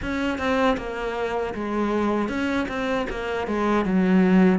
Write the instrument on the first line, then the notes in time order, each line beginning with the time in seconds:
cello
0.01 C#4
0.38 C4
0.77 A#3
1.54 G#3
2.28 C#4
2.68 C4
3.10 A#3
3.47 G#3
3.85 F#3